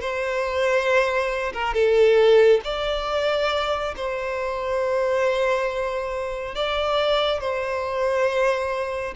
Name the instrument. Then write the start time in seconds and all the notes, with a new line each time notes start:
violin
0.00 C5
1.53 A#4
1.74 A4
2.64 D5
3.96 C5
6.55 D5
7.40 C5